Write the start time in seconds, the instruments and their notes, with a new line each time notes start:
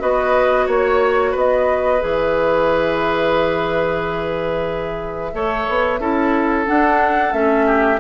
0.00 bassoon B3, clarinet F#4, oboe B4, flute D#5
0.66 bassoon A#3, oboe C#5, flute C#5
1.32 bassoon B3, oboe B4, flute D#5
2.01 bassoon E3, clarinet G#4, flute E5
5.33 bassoon A3, clarinet A4, oboe C#5
5.69 bassoon B3
6.00 bassoon C#4, clarinet E4, oboe A4
6.66 clarinet D4, bassoon D4, flute F#5
7.32 bassoon A3, clarinet C#4, flute E5
7.67 oboe G4